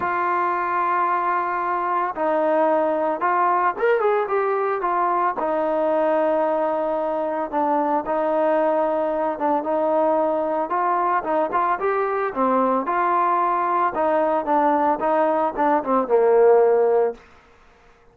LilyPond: \new Staff \with { instrumentName = "trombone" } { \time 4/4 \tempo 4 = 112 f'1 | dis'2 f'4 ais'8 gis'8 | g'4 f'4 dis'2~ | dis'2 d'4 dis'4~ |
dis'4. d'8 dis'2 | f'4 dis'8 f'8 g'4 c'4 | f'2 dis'4 d'4 | dis'4 d'8 c'8 ais2 | }